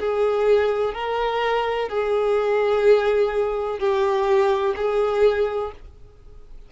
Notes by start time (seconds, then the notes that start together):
0.00 G#4
0.94 A#4
1.89 G#4
3.80 G4
4.76 G#4